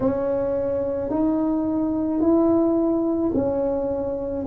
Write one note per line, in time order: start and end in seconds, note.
0.00 1.10 C#4
1.10 2.20 D#4
2.20 3.31 E4
3.34 4.45 C#4